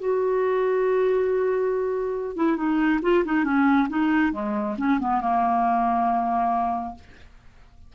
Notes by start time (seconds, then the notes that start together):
0.00 F#4
2.37 E4
2.57 D#4
3.03 F4
3.26 D#4
3.45 C#4
3.90 D#4
4.33 G#3
4.78 C#4
5.00 B3
5.22 A#3